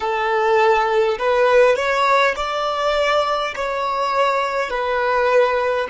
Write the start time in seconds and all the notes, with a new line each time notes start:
0.00 A4
1.18 B4
1.75 C#5
2.36 D5
3.56 C#5
4.70 B4